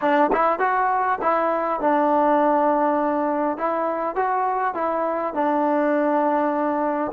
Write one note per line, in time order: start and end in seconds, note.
0.01 0.31 D4
0.32 0.59 E4
0.59 1.18 F#4
1.21 1.80 E4
1.80 3.57 D4
3.57 4.15 E4
4.15 4.74 F#4
4.74 5.34 E4
5.34 7.12 D4